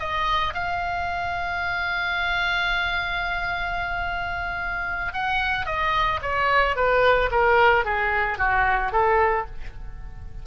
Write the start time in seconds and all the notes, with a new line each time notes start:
0.00 D#5
0.54 F5
5.14 F#5
5.66 D#5
6.22 C#5
6.76 B4
7.31 A#4
7.85 G#4
8.38 F#4
8.92 A4